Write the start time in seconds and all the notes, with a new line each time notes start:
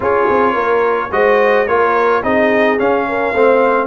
0.00 C#4 F4 G#4 C#5
0.29 C4
0.53 A#3 A#4
1.11 G#3 F#4 C5 D#5
1.67 A#3 F4 A#4 C#5
2.23 C4 D#4 G#4 D#5
2.78 C#4 F5
3.08 A#4
3.33 A3 C4 C5